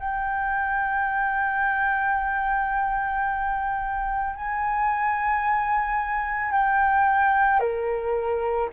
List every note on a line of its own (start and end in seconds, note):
0.00 4.36 G5
4.36 6.52 G#5
6.52 7.60 G5
7.60 8.69 A#4